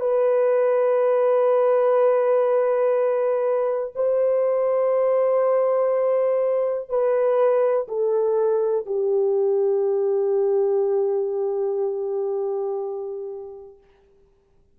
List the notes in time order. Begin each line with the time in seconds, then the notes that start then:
0.00 B4
3.95 C5
6.89 B4
7.88 A4
8.86 G4